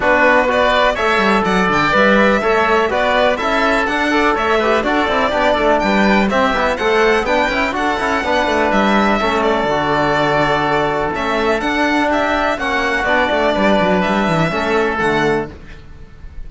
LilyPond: <<
  \new Staff \with { instrumentName = "violin" } { \time 4/4 \tempo 4 = 124 b'4 d''4 e''4 fis''8 g''8 | e''2 d''4 e''4 | fis''4 e''4 d''2 | g''4 e''4 fis''4 g''4 |
fis''2 e''4. d''8~ | d''2. e''4 | fis''4 e''4 fis''4 d''4~ | d''4 e''2 fis''4 | }
  \new Staff \with { instrumentName = "oboe" } { \time 4/4 fis'4 b'4 cis''4 d''4~ | d''4 cis''4 b'4 a'4~ | a'8 d''8 cis''8 b'8 a'4 g'8 a'8 | b'4 g'4 c''4 b'4 |
a'4 b'2 a'4~ | a'1~ | a'4 g'4 fis'2 | b'2 a'2 | }
  \new Staff \with { instrumentName = "trombone" } { \time 4/4 d'4 fis'4 a'2 | b'4 a'4 fis'4 e'4 | d'8 a'4 g'8 fis'8 e'8 d'4~ | d'4 c'8 e'8 a'4 d'8 e'8 |
fis'8 e'8 d'2 cis'4 | fis'2. cis'4 | d'2 cis'4 d'4~ | d'2 cis'4 a4 | }
  \new Staff \with { instrumentName = "cello" } { \time 4/4 b2 a8 g8 fis8 d8 | g4 a4 b4 cis'4 | d'4 a4 d'8 c'8 b8 a8 | g4 c'8 b8 a4 b8 cis'8 |
d'8 cis'8 b8 a8 g4 a4 | d2. a4 | d'2 ais4 b8 a8 | g8 fis8 g8 e8 a4 d4 | }
>>